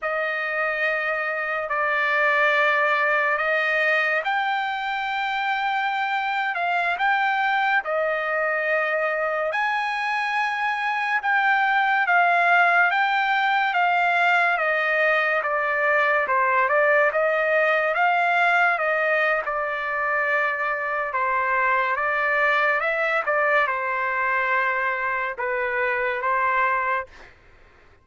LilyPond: \new Staff \with { instrumentName = "trumpet" } { \time 4/4 \tempo 4 = 71 dis''2 d''2 | dis''4 g''2~ g''8. f''16~ | f''16 g''4 dis''2 gis''8.~ | gis''4~ gis''16 g''4 f''4 g''8.~ |
g''16 f''4 dis''4 d''4 c''8 d''16~ | d''16 dis''4 f''4 dis''8. d''4~ | d''4 c''4 d''4 e''8 d''8 | c''2 b'4 c''4 | }